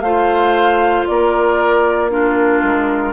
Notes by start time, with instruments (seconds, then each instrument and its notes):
0.00 bassoon A3, clarinet F4, oboe C5, flute F5
1.06 bassoon A#3, oboe A#4, flute D5
2.10 clarinet D4, oboe F4, flute A#4
2.62 bassoon G#3